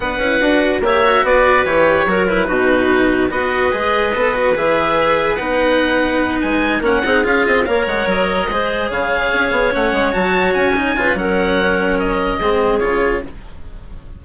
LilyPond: <<
  \new Staff \with { instrumentName = "oboe" } { \time 4/4 \tempo 4 = 145 fis''2 e''4 d''4 | cis''4. b'2~ b'8 | dis''2. e''4~ | e''4 fis''2~ fis''8 gis''8~ |
gis''8 fis''4 f''8 dis''8 f''8 fis''8 dis''8~ | dis''4. f''2 fis''8~ | fis''8 a''4 gis''4. fis''4~ | fis''4 dis''2 cis''4 | }
  \new Staff \with { instrumentName = "clarinet" } { \time 4/4 b'2 cis''4 b'4~ | b'4 ais'4 fis'2 | b'1~ | b'1~ |
b'8 ais'8 gis'4. cis''4.~ | cis''8 c''4 cis''2~ cis''8~ | cis''2~ cis''8 b'8 ais'4~ | ais'2 gis'2 | }
  \new Staff \with { instrumentName = "cello" } { \time 4/4 d'8 e'8 fis'4 g'8 fis'4. | g'4 fis'8 e'8 dis'2 | fis'4 gis'4 a'8 fis'8 gis'4~ | gis'4 dis'2.~ |
dis'8 cis'8 dis'8 f'4 ais'4.~ | ais'8 gis'2. cis'8~ | cis'8 fis'4. dis'8 f'8 cis'4~ | cis'2 c'4 f'4 | }
  \new Staff \with { instrumentName = "bassoon" } { \time 4/4 b8 cis'8 d'4 ais4 b4 | e4 fis4 b,2 | b4 gis4 b4 e4~ | e4 b2~ b8 gis8~ |
gis8 ais8 c'8 cis'8 c'8 ais8 gis8 fis8~ | fis8 gis4 cis4 cis'8 b8 a8 | gis8 fis4 cis'4 cis8 fis4~ | fis2 gis4 cis4 | }
>>